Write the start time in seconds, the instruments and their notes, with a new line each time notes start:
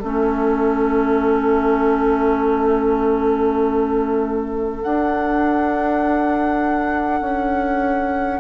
0.00 bassoon A3, clarinet C#4, oboe A4, flute E5
4.82 clarinet D4, bassoon D4, flute F#5
7.21 bassoon C#4